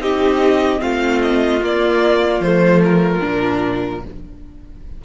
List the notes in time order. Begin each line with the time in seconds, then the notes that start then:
0.00 C4 D#4 G4 D#5
0.79 A3 C4 F4 F5
1.22 D#5
1.62 A#3 D5
2.40 F3 A3 C5
2.85 A#4
3.21 A#2 D4